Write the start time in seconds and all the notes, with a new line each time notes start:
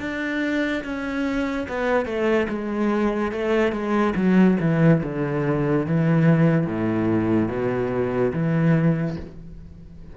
0.00 D4
0.84 C#4
1.68 B3
2.06 A3
2.49 G#3
3.32 A3
3.72 G#3
4.16 F#3
4.61 E3
5.03 D3
5.86 E3
6.67 A2
7.49 B2
8.33 E3